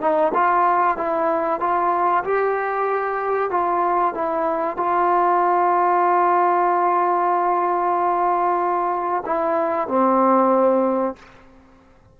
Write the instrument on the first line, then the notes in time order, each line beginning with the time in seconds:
trombone
0.00 D#4
0.34 F4
0.97 E4
1.60 F4
2.24 G4
3.50 F4
4.14 E4
4.77 F4
9.25 E4
9.88 C4